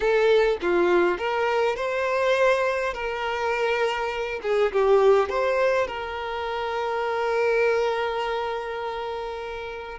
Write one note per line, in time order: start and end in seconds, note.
0.00 0.57 A4
0.61 1.18 F4
1.18 1.76 A#4
1.76 2.93 C5
2.93 4.40 A#4
4.42 4.71 G#4
4.72 5.29 G4
5.29 5.87 C5
5.87 9.98 A#4